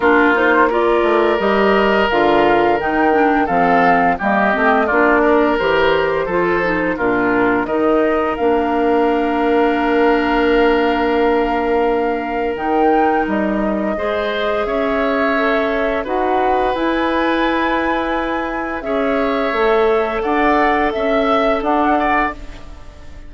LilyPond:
<<
  \new Staff \with { instrumentName = "flute" } { \time 4/4 \tempo 4 = 86 ais'8 c''8 d''4 dis''4 f''4 | g''4 f''4 dis''4 d''4 | c''2 ais'4 dis''4 | f''1~ |
f''2 g''4 dis''4~ | dis''4 e''2 fis''4 | gis''2. e''4~ | e''4 fis''4 e''4 fis''4 | }
  \new Staff \with { instrumentName = "oboe" } { \time 4/4 f'4 ais'2.~ | ais'4 a'4 g'4 f'8 ais'8~ | ais'4 a'4 f'4 ais'4~ | ais'1~ |
ais'1 | c''4 cis''2 b'4~ | b'2. cis''4~ | cis''4 d''4 e''4 d'8 d''8 | }
  \new Staff \with { instrumentName = "clarinet" } { \time 4/4 d'8 dis'8 f'4 g'4 f'4 | dis'8 d'8 c'4 ais8 c'8 d'4 | g'4 f'8 dis'8 d'4 dis'4 | d'1~ |
d'2 dis'2 | gis'2 a'4 fis'4 | e'2. gis'4 | a'1 | }
  \new Staff \with { instrumentName = "bassoon" } { \time 4/4 ais4. a8 g4 d4 | dis4 f4 g8 a8 ais4 | e4 f4 ais,4 dis4 | ais1~ |
ais2 dis4 g4 | gis4 cis'2 dis'4 | e'2. cis'4 | a4 d'4 cis'4 d'4 | }
>>